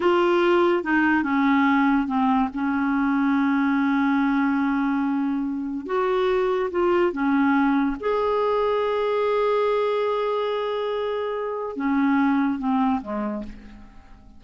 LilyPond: \new Staff \with { instrumentName = "clarinet" } { \time 4/4 \tempo 4 = 143 f'2 dis'4 cis'4~ | cis'4 c'4 cis'2~ | cis'1~ | cis'2 fis'2 |
f'4 cis'2 gis'4~ | gis'1~ | gis'1 | cis'2 c'4 gis4 | }